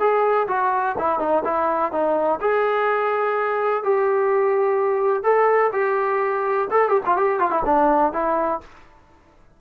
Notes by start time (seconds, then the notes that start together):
0.00 G#4
0.48 F#4
0.99 E4
1.20 D#4
1.45 E4
1.92 D#4
2.41 G#4
3.84 G4
5.24 A4
5.73 G4
6.71 A4
6.89 G4
7.06 F4
7.17 G4
7.40 F4
7.51 E4
7.66 D4
8.13 E4